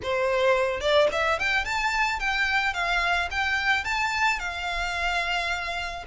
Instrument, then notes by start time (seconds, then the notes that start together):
violin
0.03 C5
0.80 D5
1.12 E5
1.39 G5
1.64 A5
2.19 G5
2.73 F5
3.30 G5
3.84 A5
4.39 F5